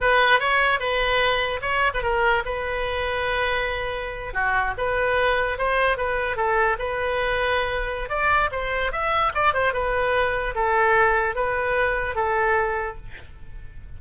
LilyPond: \new Staff \with { instrumentName = "oboe" } { \time 4/4 \tempo 4 = 148 b'4 cis''4 b'2 | cis''8. b'16 ais'4 b'2~ | b'2~ b'8. fis'4 b'16~ | b'4.~ b'16 c''4 b'4 a'16~ |
a'8. b'2.~ b'16 | d''4 c''4 e''4 d''8 c''8 | b'2 a'2 | b'2 a'2 | }